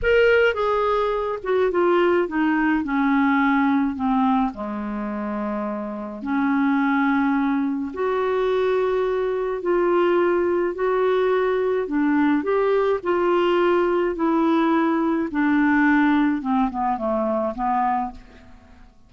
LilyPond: \new Staff \with { instrumentName = "clarinet" } { \time 4/4 \tempo 4 = 106 ais'4 gis'4. fis'8 f'4 | dis'4 cis'2 c'4 | gis2. cis'4~ | cis'2 fis'2~ |
fis'4 f'2 fis'4~ | fis'4 d'4 g'4 f'4~ | f'4 e'2 d'4~ | d'4 c'8 b8 a4 b4 | }